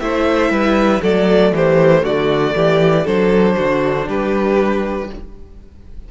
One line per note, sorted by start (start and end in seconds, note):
0.00 0.50 A3
0.00 1.02 E4
0.00 0.51 C5
0.00 1.02 E5
0.50 1.01 G3
0.50 1.02 B4
1.02 1.52 F#3
1.02 3.06 A3
1.02 1.53 A4
1.02 1.54 D5
1.52 2.03 E3
1.52 2.03 G4
1.52 2.05 C5
2.03 2.55 D3
2.03 2.54 F#4
2.03 3.07 D5
2.55 3.06 E3
2.55 3.04 G4
3.04 3.58 F#3
3.04 5.10 D4
3.04 3.55 A4
3.04 4.08 C5
3.57 4.08 D3
3.57 4.07 F#4
4.07 5.10 G3
4.07 5.09 G4
4.07 5.11 B4